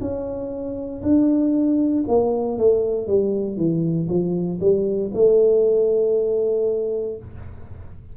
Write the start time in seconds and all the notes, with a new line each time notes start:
0.00 C#4
1.02 D4
2.07 A#3
2.57 A3
3.06 G3
3.56 E3
4.08 F3
4.60 G3
5.13 A3